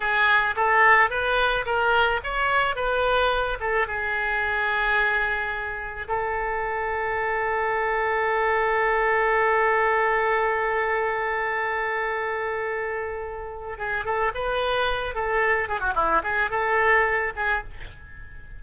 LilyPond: \new Staff \with { instrumentName = "oboe" } { \time 4/4 \tempo 4 = 109 gis'4 a'4 b'4 ais'4 | cis''4 b'4. a'8 gis'4~ | gis'2. a'4~ | a'1~ |
a'1~ | a'1~ | a'4 gis'8 a'8 b'4. a'8~ | a'8 gis'16 fis'16 e'8 gis'8 a'4. gis'8 | }